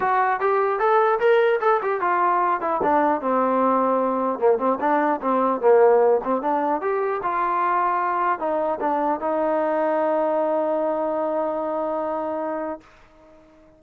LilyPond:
\new Staff \with { instrumentName = "trombone" } { \time 4/4 \tempo 4 = 150 fis'4 g'4 a'4 ais'4 | a'8 g'8 f'4. e'8 d'4 | c'2. ais8 c'8 | d'4 c'4 ais4. c'8 |
d'4 g'4 f'2~ | f'4 dis'4 d'4 dis'4~ | dis'1~ | dis'1 | }